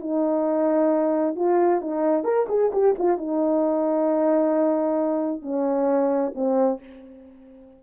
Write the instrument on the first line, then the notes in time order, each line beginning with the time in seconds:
horn
0.00 D#4
1.36 F4
1.81 D#4
2.24 A#4
2.49 G#4
2.72 G4
2.99 F4
3.18 D#4
5.42 C#4
6.35 C4